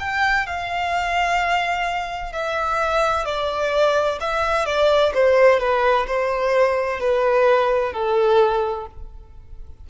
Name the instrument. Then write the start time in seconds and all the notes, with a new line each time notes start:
violin
0.00 G5
0.47 F5
2.33 E5
3.26 D5
4.21 E5
4.66 D5
5.14 C5
5.60 B4
6.07 C5
7.01 B4
7.93 A4